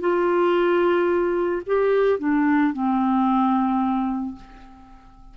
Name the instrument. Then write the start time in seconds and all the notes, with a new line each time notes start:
clarinet
0.00 F4
1.66 G4
2.19 D4
2.73 C4